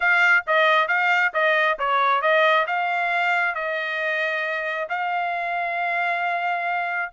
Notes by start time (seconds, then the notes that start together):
0.00 F5
0.46 D#5
0.87 F5
1.33 D#5
1.78 C#5
2.21 D#5
2.66 F5
3.54 D#5
4.89 F5